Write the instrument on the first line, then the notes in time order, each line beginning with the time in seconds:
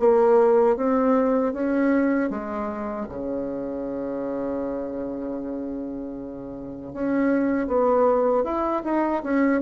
bassoon
0.00 A#3
0.77 C4
1.53 C#4
2.30 G#3
3.09 C#3
6.94 C#4
7.68 B3
8.44 E4
8.85 D#4
9.24 C#4